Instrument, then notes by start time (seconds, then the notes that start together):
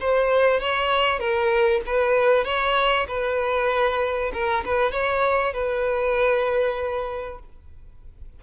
violin
0.00 C5
0.60 C#5
1.19 A#4
1.86 B4
2.45 C#5
3.08 B4
4.33 A#4
4.65 B4
4.92 C#5
5.53 B4